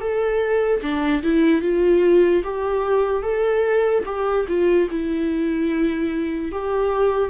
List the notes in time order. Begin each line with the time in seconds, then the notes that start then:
0.00 A4
0.82 D4
1.23 E4
1.62 F4
2.44 G4
3.23 A4
4.05 G4
4.48 F4
4.91 E4
6.52 G4